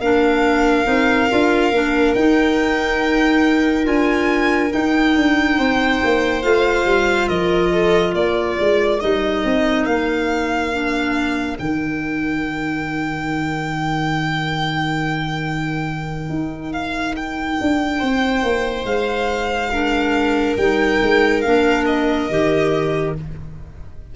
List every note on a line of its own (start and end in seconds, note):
0.00 0.86 A#3
0.00 0.85 D4
0.00 5.58 A#4
0.00 2.14 F5
0.85 1.30 C4
0.85 1.28 D#4
1.30 1.72 D4
1.30 1.73 F4
1.72 2.14 A#3
1.72 2.16 D4
2.14 3.87 D#4
2.14 3.84 D#4
2.14 3.86 G5
3.84 4.72 D4
3.84 4.70 F4
3.84 4.72 G#5
4.71 6.43 D#4
4.71 5.16 D#4
4.71 6.43 G5
5.16 5.59 D4
5.58 6.01 C4
5.58 7.29 C5
6.04 6.44 A#3
6.43 6.85 A3
6.43 9.00 F4
6.43 7.28 F5
6.85 7.28 G3
7.28 8.14 F3
7.28 7.72 A#4
7.28 8.14 D#5
7.72 8.15 A4
8.14 8.57 A#3
8.14 17.99 A#4
8.14 9.00 D5
8.60 9.03 G#3
9.00 9.45 G3
9.00 10.72 D#4
9.00 9.86 D#5
9.45 9.86 C4
9.86 11.57 A#3
9.86 11.57 F5
10.72 11.57 D4
11.57 16.30 D#3
11.57 19.72 D#4
11.57 16.72 G5
16.30 17.58 D#4
16.72 17.15 F5
17.16 18.85 G5
17.61 18.02 D4
17.99 18.43 C4
17.99 19.70 C5
18.43 18.84 A#3
18.84 20.56 G#3
18.84 20.57 F5
19.72 20.58 D4
19.72 23.15 A#4
20.57 21.00 G3
20.57 21.45 D#4
20.57 21.42 G5
21.02 21.45 G#3
21.42 22.30 A#3
21.42 22.30 D4
21.42 21.84 F5
21.86 23.15 D#5
22.30 23.16 D#3
22.30 23.16 G4